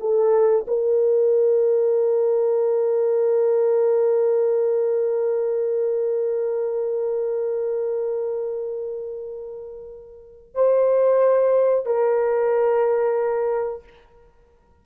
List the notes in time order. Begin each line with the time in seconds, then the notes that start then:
0.00 A4
0.67 A#4
10.55 C5
11.86 A#4